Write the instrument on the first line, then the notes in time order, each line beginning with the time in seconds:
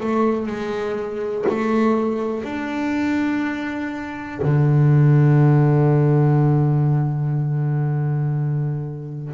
double bass
0.00 A3
0.47 G#3
1.49 A3
2.44 D4
4.42 D3